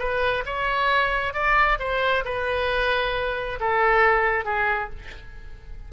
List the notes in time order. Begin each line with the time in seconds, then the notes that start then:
0.00 B4
0.46 C#5
1.34 D5
1.80 C5
2.25 B4
3.61 A4
4.45 G#4